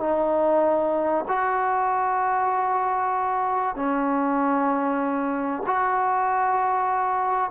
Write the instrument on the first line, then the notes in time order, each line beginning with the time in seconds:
trombone
0.00 D#4
1.28 F#4
3.76 C#4
5.67 F#4